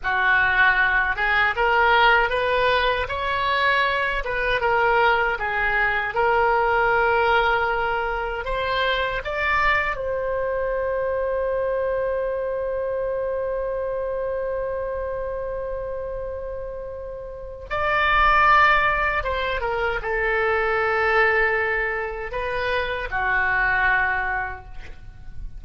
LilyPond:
\new Staff \with { instrumentName = "oboe" } { \time 4/4 \tempo 4 = 78 fis'4. gis'8 ais'4 b'4 | cis''4. b'8 ais'4 gis'4 | ais'2. c''4 | d''4 c''2.~ |
c''1~ | c''2. d''4~ | d''4 c''8 ais'8 a'2~ | a'4 b'4 fis'2 | }